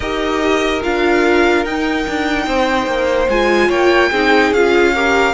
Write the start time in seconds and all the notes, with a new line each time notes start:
0.00 D#4 G4 A#4 D#5
0.83 D4 F4 F5
1.64 D#4 G5
2.07 D4
2.46 C4 C5
2.86 A#3
3.28 G#3 F4 G#5
3.68 A#3 C#5 G5
4.11 C4 D#4 G#4
4.51 C#4 F4 F5
4.93 G4 A#4